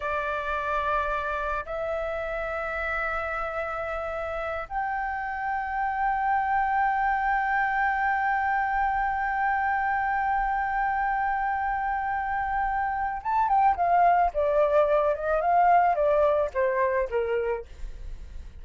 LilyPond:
\new Staff \with { instrumentName = "flute" } { \time 4/4 \tempo 4 = 109 d''2. e''4~ | e''1~ | e''8 g''2.~ g''8~ | g''1~ |
g''1~ | g''1 | a''8 g''8 f''4 d''4. dis''8 | f''4 d''4 c''4 ais'4 | }